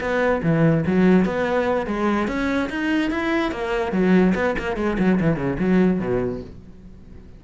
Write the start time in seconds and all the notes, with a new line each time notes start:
0.00 B3
0.43 E3
0.86 F#3
1.25 B3
1.86 G#3
2.27 C#4
2.69 D#4
3.10 E4
3.51 A#3
3.92 F#3
4.34 B3
4.58 A#3
4.76 G#3
4.98 F#3
5.20 E3
5.36 C#3
5.59 F#3
5.99 B2